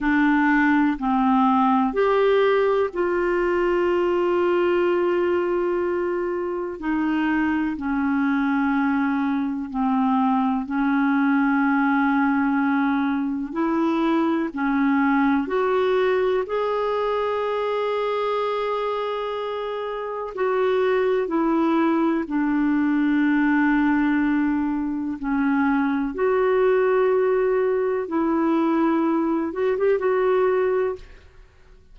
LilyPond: \new Staff \with { instrumentName = "clarinet" } { \time 4/4 \tempo 4 = 62 d'4 c'4 g'4 f'4~ | f'2. dis'4 | cis'2 c'4 cis'4~ | cis'2 e'4 cis'4 |
fis'4 gis'2.~ | gis'4 fis'4 e'4 d'4~ | d'2 cis'4 fis'4~ | fis'4 e'4. fis'16 g'16 fis'4 | }